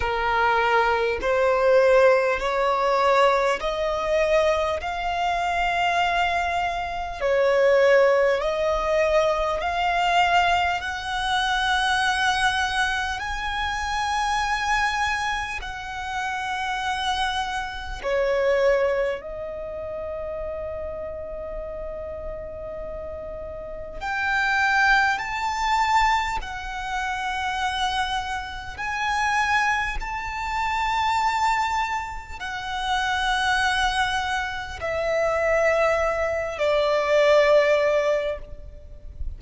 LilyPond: \new Staff \with { instrumentName = "violin" } { \time 4/4 \tempo 4 = 50 ais'4 c''4 cis''4 dis''4 | f''2 cis''4 dis''4 | f''4 fis''2 gis''4~ | gis''4 fis''2 cis''4 |
dis''1 | g''4 a''4 fis''2 | gis''4 a''2 fis''4~ | fis''4 e''4. d''4. | }